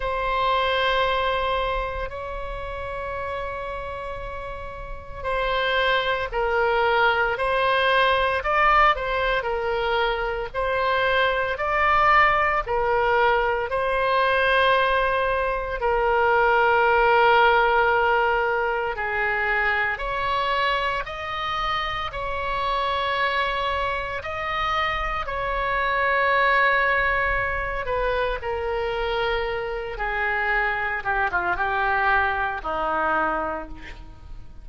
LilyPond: \new Staff \with { instrumentName = "oboe" } { \time 4/4 \tempo 4 = 57 c''2 cis''2~ | cis''4 c''4 ais'4 c''4 | d''8 c''8 ais'4 c''4 d''4 | ais'4 c''2 ais'4~ |
ais'2 gis'4 cis''4 | dis''4 cis''2 dis''4 | cis''2~ cis''8 b'8 ais'4~ | ais'8 gis'4 g'16 f'16 g'4 dis'4 | }